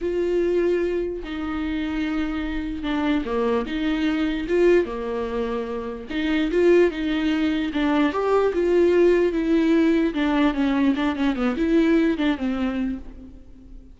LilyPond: \new Staff \with { instrumentName = "viola" } { \time 4/4 \tempo 4 = 148 f'2. dis'4~ | dis'2. d'4 | ais4 dis'2 f'4 | ais2. dis'4 |
f'4 dis'2 d'4 | g'4 f'2 e'4~ | e'4 d'4 cis'4 d'8 cis'8 | b8 e'4. d'8 c'4. | }